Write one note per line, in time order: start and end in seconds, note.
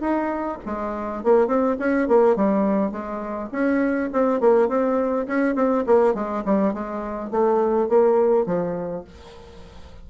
0.00 0.58 D#4
0.65 1.23 G#3
1.23 1.47 A#3
1.47 1.76 C4
1.79 2.08 C#4
2.08 2.36 A#3
2.36 2.91 G3
2.91 3.49 G#3
3.51 4.10 C#4
4.13 4.40 C4
4.40 4.68 A#3
4.68 5.26 C4
5.27 5.55 C#4
5.55 5.84 C4
5.86 6.14 A#3
6.14 6.43 G#3
6.45 6.73 G3
6.73 7.30 G#3
7.30 7.88 A3
7.88 8.46 A#3
8.46 9.04 F3